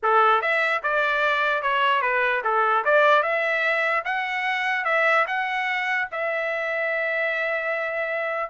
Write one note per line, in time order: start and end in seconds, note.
0.03 0.41 A4
0.41 0.82 E5
0.82 1.62 D5
1.62 2.01 C#5
2.01 2.42 B4
2.44 2.84 A4
2.85 3.22 D5
3.22 4.03 E5
4.04 4.84 F#5
4.84 5.25 E5
5.27 6.08 F#5
6.11 8.50 E5